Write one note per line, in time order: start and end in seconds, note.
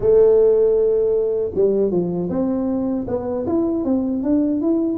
0.00 1.51 A3
1.54 1.91 G3
1.91 2.29 F3
2.29 3.06 C4
3.07 3.45 B3
3.46 3.84 E4
3.84 4.22 C4
4.22 4.61 D4
4.61 4.98 E4